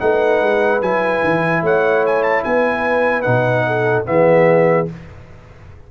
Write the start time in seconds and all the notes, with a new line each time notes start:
0.00 A3 D#4 B4 F#5
0.42 G#3
0.82 F#3 E4 G#5
1.23 E3
1.62 A3 C#5 F#5
2.06 G#5
2.23 A5
2.44 B3 B4 G#5
3.22 B2 D#4 F#5
3.67 A4
4.05 E3 B3 G#4 E5